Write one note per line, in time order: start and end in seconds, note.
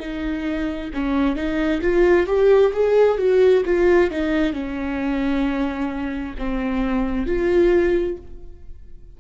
0.00 0.91 D#4
0.94 1.36 C#4
1.36 1.82 D#4
1.82 2.27 F4
2.27 2.73 G4
2.74 3.19 G#4
3.19 3.64 F#4
3.66 4.11 F4
4.11 4.53 D#4
4.53 6.35 C#4
6.39 7.27 C4
7.27 8.18 F4